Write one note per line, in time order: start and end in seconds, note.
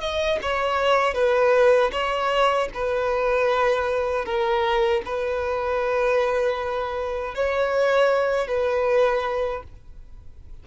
0.00 0.38 D#5
0.42 1.14 C#5
1.14 1.91 B4
1.92 2.69 C#5
2.74 4.25 B4
4.25 5.02 A#4
5.05 7.34 B4
7.34 8.48 C#5
8.48 9.63 B4